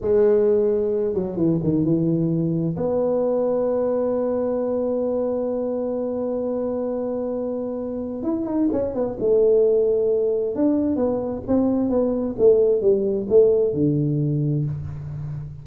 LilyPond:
\new Staff \with { instrumentName = "tuba" } { \time 4/4 \tempo 4 = 131 gis2~ gis8 fis8 e8 dis8 | e2 b2~ | b1~ | b1~ |
b2 e'8 dis'8 cis'8 b8 | a2. d'4 | b4 c'4 b4 a4 | g4 a4 d2 | }